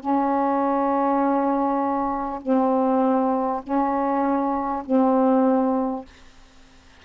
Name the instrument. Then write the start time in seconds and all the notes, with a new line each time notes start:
saxophone
0.00 C#4
2.42 C4
3.63 C#4
4.85 C4